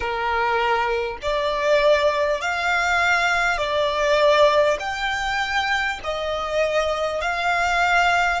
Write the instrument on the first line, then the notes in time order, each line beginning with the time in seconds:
violin
0.00 A#4
1.22 D5
2.41 F5
3.57 D5
4.79 G5
6.03 D#5
7.21 F5